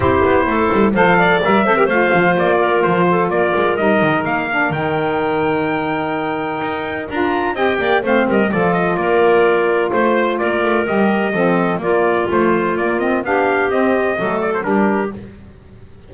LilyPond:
<<
  \new Staff \with { instrumentName = "trumpet" } { \time 4/4 \tempo 4 = 127 c''2 f''4 e''4 | f''4 d''4 c''4 d''4 | dis''4 f''4 g''2~ | g''2. ais''4 |
g''4 f''8 dis''8 d''8 dis''8 d''4~ | d''4 c''4 d''4 dis''4~ | dis''4 d''4 c''4 d''8 dis''8 | f''4 dis''4. d''16 c''16 ais'4 | }
  \new Staff \with { instrumentName = "clarinet" } { \time 4/4 g'4 a'4 c''8 d''4 c''16 ais'16 | c''4. ais'4 a'8 ais'4~ | ais'1~ | ais'1 |
dis''8 d''8 c''8 ais'8 a'4 ais'4~ | ais'4 c''4 ais'2 | a'4 f'2. | g'2 a'4 g'4 | }
  \new Staff \with { instrumentName = "saxophone" } { \time 4/4 e'2 a'4 ais'8 a'16 g'16 | f'1 | dis'4. d'8 dis'2~ | dis'2. f'4 |
g'4 c'4 f'2~ | f'2. g'4 | c'4 ais4 f4 ais8 c'8 | d'4 c'4 a4 d'4 | }
  \new Staff \with { instrumentName = "double bass" } { \time 4/4 c'8 b8 a8 g8 f4 g8 c'8 | a8 f8 ais4 f4 ais8 gis8 | g8 dis8 ais4 dis2~ | dis2 dis'4 d'4 |
c'8 ais8 a8 g8 f4 ais4~ | ais4 a4 ais8 a8 g4 | f4 ais4 a4 ais4 | b4 c'4 fis4 g4 | }
>>